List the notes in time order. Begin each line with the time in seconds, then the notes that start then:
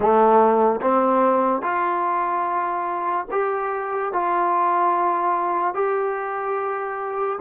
0.00 A3
0.81 C4
1.61 F4
3.31 G4
4.12 F4
5.74 G4